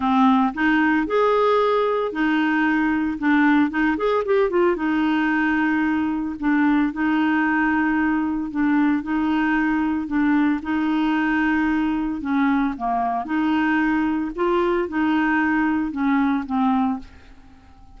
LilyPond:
\new Staff \with { instrumentName = "clarinet" } { \time 4/4 \tempo 4 = 113 c'4 dis'4 gis'2 | dis'2 d'4 dis'8 gis'8 | g'8 f'8 dis'2. | d'4 dis'2. |
d'4 dis'2 d'4 | dis'2. cis'4 | ais4 dis'2 f'4 | dis'2 cis'4 c'4 | }